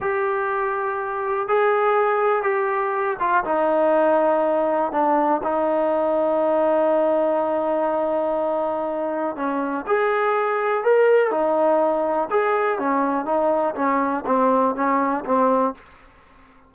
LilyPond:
\new Staff \with { instrumentName = "trombone" } { \time 4/4 \tempo 4 = 122 g'2. gis'4~ | gis'4 g'4. f'8 dis'4~ | dis'2 d'4 dis'4~ | dis'1~ |
dis'2. cis'4 | gis'2 ais'4 dis'4~ | dis'4 gis'4 cis'4 dis'4 | cis'4 c'4 cis'4 c'4 | }